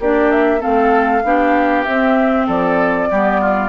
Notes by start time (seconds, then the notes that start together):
0.00 A#3 D4 G4 D5
0.32 E5
0.60 A3 C4 A4 F5
1.24 B3 D4 G4
1.85 C4 E5
2.47 F3 A4 D5
3.11 G3 B3 G4
3.41 F4